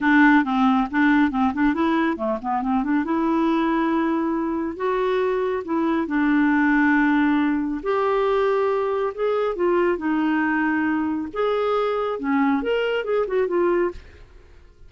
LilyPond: \new Staff \with { instrumentName = "clarinet" } { \time 4/4 \tempo 4 = 138 d'4 c'4 d'4 c'8 d'8 | e'4 a8 b8 c'8 d'8 e'4~ | e'2. fis'4~ | fis'4 e'4 d'2~ |
d'2 g'2~ | g'4 gis'4 f'4 dis'4~ | dis'2 gis'2 | cis'4 ais'4 gis'8 fis'8 f'4 | }